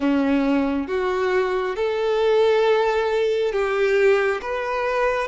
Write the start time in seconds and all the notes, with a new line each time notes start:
0.00 C#4
0.87 F#4
1.76 A4
3.52 G4
4.41 B4